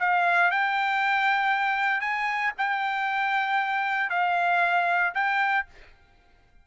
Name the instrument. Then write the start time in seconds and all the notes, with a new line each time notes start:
trumpet
0.00 F5
0.51 G5
2.01 G#5
2.58 G5
4.10 F5
5.14 G5